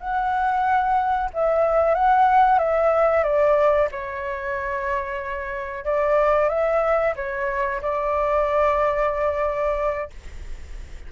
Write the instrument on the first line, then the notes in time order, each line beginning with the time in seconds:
flute
0.00 F#5
1.34 E5
1.95 F#5
2.59 E5
3.24 D5
3.92 C#5
5.85 D5
6.49 E5
7.17 C#5
7.83 D5